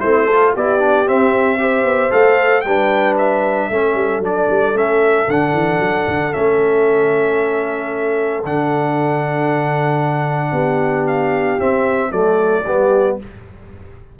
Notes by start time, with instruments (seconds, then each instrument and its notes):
0.00 tuba A3, trombone C4, horn E4, trumpet C5
0.26 trombone F4, horn A4
0.54 tuba B3, trombone E4, horn G4, trumpet D5
0.79 trombone D4
1.06 trombone C4, tuba C4, trumpet E5
1.58 trombone G4, horn C5
1.84 tuba B3
2.10 tuba A3, trombone A4, trumpet F5
2.61 tuba G3, horn B4, trumpet G5
2.68 trombone D4
3.18 trumpet E5
3.70 tuba A3, trombone C#4, horn A4
3.94 tuba G3
4.20 tuba F#3, trombone D4, trumpet D5
4.49 tuba G3
4.74 tuba A3, trombone C#4, trumpet E5
5.28 tuba D3, trombone D4, trumpet F#5
5.53 tuba E3
5.79 tuba F#3
6.08 tuba D3
6.32 tuba A3, trombone C#4, trumpet E5
8.44 tuba D3, trombone D4, trumpet F#5
10.52 tuba B3, horn G4
11.07 trumpet F5
11.60 trombone C4, tuba C4, trumpet E5
12.11 tuba F#3, trombone A3, horn A4, trumpet D5
12.65 tuba G3, trombone B3, horn G4